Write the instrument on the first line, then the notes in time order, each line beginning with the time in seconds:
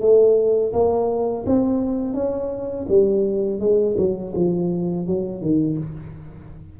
tuba
0.00 A3
0.73 A#3
1.46 C4
2.13 C#4
2.88 G3
3.59 G#3
3.97 F#3
4.34 F3
5.06 F#3
5.41 D#3